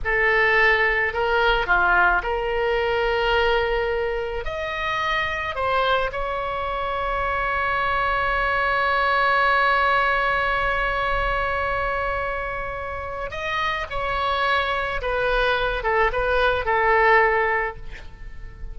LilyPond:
\new Staff \with { instrumentName = "oboe" } { \time 4/4 \tempo 4 = 108 a'2 ais'4 f'4 | ais'1 | dis''2 c''4 cis''4~ | cis''1~ |
cis''1~ | cis''1 | dis''4 cis''2 b'4~ | b'8 a'8 b'4 a'2 | }